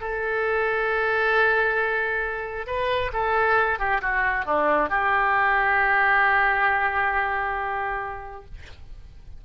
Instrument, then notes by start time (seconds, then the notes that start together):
oboe
0.00 A4
2.66 B4
3.13 A4
3.79 G4
4.01 F#4
4.45 D4
4.89 G4